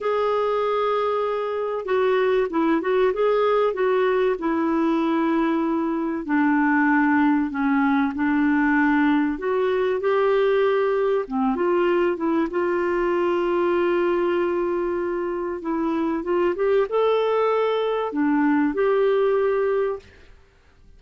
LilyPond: \new Staff \with { instrumentName = "clarinet" } { \time 4/4 \tempo 4 = 96 gis'2. fis'4 | e'8 fis'8 gis'4 fis'4 e'4~ | e'2 d'2 | cis'4 d'2 fis'4 |
g'2 c'8 f'4 e'8 | f'1~ | f'4 e'4 f'8 g'8 a'4~ | a'4 d'4 g'2 | }